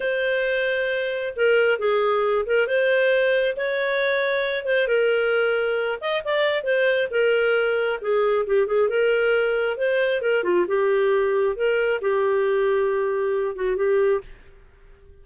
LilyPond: \new Staff \with { instrumentName = "clarinet" } { \time 4/4 \tempo 4 = 135 c''2. ais'4 | gis'4. ais'8 c''2 | cis''2~ cis''8 c''8 ais'4~ | ais'4. dis''8 d''4 c''4 |
ais'2 gis'4 g'8 gis'8 | ais'2 c''4 ais'8 f'8 | g'2 ais'4 g'4~ | g'2~ g'8 fis'8 g'4 | }